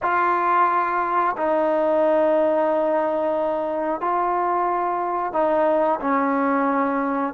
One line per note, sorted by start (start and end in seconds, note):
0.02 1.35 F4
1.37 4.01 D#4
4.01 5.32 F4
5.32 5.99 D#4
6.01 7.33 C#4